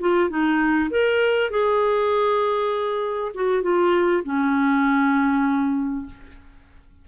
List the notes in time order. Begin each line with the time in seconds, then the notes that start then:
0.00 F4
0.30 D#4
0.91 A#4
1.50 G#4
3.35 F#4
3.63 F4
4.24 C#4